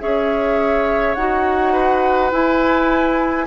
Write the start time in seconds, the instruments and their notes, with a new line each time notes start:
0.00 bassoon C#4, clarinet G#4, oboe C#5, flute E5
1.15 bassoon D#4, clarinet F#4, flute F#5
1.72 oboe B4
2.31 clarinet E4, bassoon E4, flute G#5